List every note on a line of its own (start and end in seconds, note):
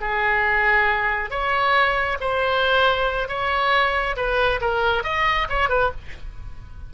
0.00 1.30 G#4
1.30 2.17 C#5
2.20 3.28 C5
3.28 4.16 C#5
4.16 4.60 B4
4.60 5.03 A#4
5.03 5.47 D#5
5.49 5.69 C#5
5.69 5.91 B4